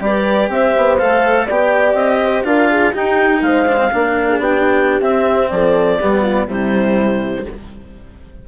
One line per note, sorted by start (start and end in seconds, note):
0.00 0.49 G3
0.00 0.98 G4
0.00 0.51 B4
0.00 0.51 D5
0.49 0.73 C4
0.49 1.46 C5
0.49 0.98 E5
0.77 1.01 B3
0.98 1.49 A3
0.98 1.48 A4
0.98 1.46 F5
1.46 1.94 B3
1.46 2.44 G4
1.46 2.19 D5
1.46 1.94 G5
1.94 2.42 C4
1.94 2.43 D#5
2.23 2.46 C5
2.44 2.93 D4
2.44 2.93 F4
2.44 2.70 A#4
2.44 2.94 F5
2.70 2.92 G#4
2.92 3.66 D#4
2.92 3.42 D#4
2.92 3.41 G4
2.92 3.42 G5
3.42 3.90 G#3
3.42 3.93 C5
3.42 4.40 F5
3.68 3.77 D4
3.77 3.89 C4
3.92 4.39 A#3
3.92 5.01 D4
3.92 4.30 A#4
4.30 4.40 G#4
4.39 5.00 B3
4.39 5.50 G4
4.39 5.01 G5
5.01 5.99 C4
5.01 5.50 C4
5.01 5.49 E5
5.49 6.00 F3
5.49 5.99 A4
5.49 6.47 D5
5.99 6.47 G3
5.99 6.48 B3
5.99 6.22 G4
6.22 6.46 F4
6.47 7.45 C3
6.47 7.45 G3
6.47 7.47 E4
6.47 7.48 C5